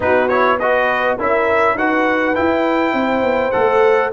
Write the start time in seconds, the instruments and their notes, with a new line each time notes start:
0.00 tuba B3, trombone D#4, horn F#4, trumpet B4
0.28 trombone E4, trumpet C#5
0.57 trombone F#4, horn B4, trumpet D#5
1.17 tuba C#4, trombone E4, horn A#4, trumpet E5
1.74 tuba D#4, trombone F#4, horn B4, trumpet F#5
2.34 trombone E4, tuba E4, trumpet G5
2.93 tuba C4, horn C5
3.22 tuba B3
3.51 tuba A3, trombone A4, trumpet F#5